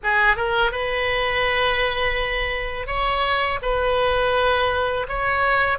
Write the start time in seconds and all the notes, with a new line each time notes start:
0.03 G#4
0.36 A#4
0.71 B4
2.87 C#5
3.62 B4
5.08 C#5